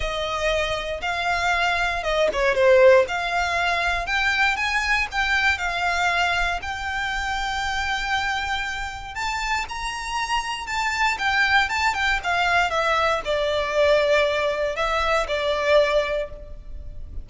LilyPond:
\new Staff \with { instrumentName = "violin" } { \time 4/4 \tempo 4 = 118 dis''2 f''2 | dis''8 cis''8 c''4 f''2 | g''4 gis''4 g''4 f''4~ | f''4 g''2.~ |
g''2 a''4 ais''4~ | ais''4 a''4 g''4 a''8 g''8 | f''4 e''4 d''2~ | d''4 e''4 d''2 | }